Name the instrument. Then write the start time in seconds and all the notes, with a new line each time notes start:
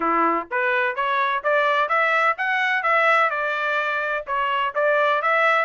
trumpet
0.00 E4
0.50 B4
0.95 C#5
1.43 D5
1.89 E5
2.37 F#5
2.82 E5
3.30 D5
4.26 C#5
4.74 D5
5.22 E5